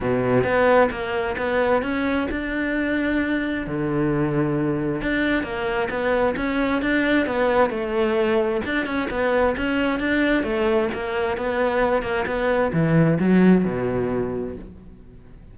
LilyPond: \new Staff \with { instrumentName = "cello" } { \time 4/4 \tempo 4 = 132 b,4 b4 ais4 b4 | cis'4 d'2. | d2. d'4 | ais4 b4 cis'4 d'4 |
b4 a2 d'8 cis'8 | b4 cis'4 d'4 a4 | ais4 b4. ais8 b4 | e4 fis4 b,2 | }